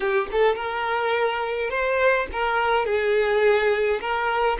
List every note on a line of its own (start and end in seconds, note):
0.00 0.27 G4
0.31 0.55 A4
0.55 1.69 A#4
1.69 2.26 C5
2.32 2.85 A#4
2.85 3.99 G#4
4.01 4.58 A#4